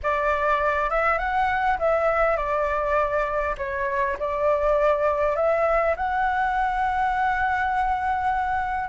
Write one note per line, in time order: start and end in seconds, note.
0.03 0.90 D5
0.90 1.18 E5
1.18 1.77 F#5
1.78 2.36 E5
2.36 3.55 D5
3.57 4.17 C#5
4.19 5.35 D5
5.35 5.95 E5
5.96 8.89 F#5